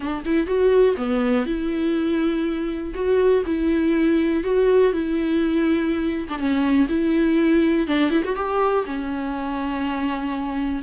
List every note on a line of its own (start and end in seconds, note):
0.00 0.23 D4
0.25 0.46 E4
0.46 0.95 F#4
0.97 1.46 B3
1.46 2.93 E4
2.94 3.43 F#4
3.46 4.43 E4
4.43 4.92 F#4
4.92 6.28 E4
6.29 6.38 D4
6.38 6.87 C#4
6.89 7.87 E4
7.87 8.10 D4
8.10 8.22 E4
8.24 8.35 F#4
8.35 8.84 G4
8.85 10.82 C#4